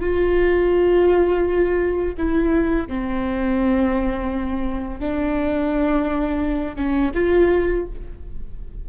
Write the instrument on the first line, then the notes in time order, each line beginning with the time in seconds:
viola
0.00 F4
2.18 E4
2.87 C4
4.99 D4
6.76 C#4
7.14 F4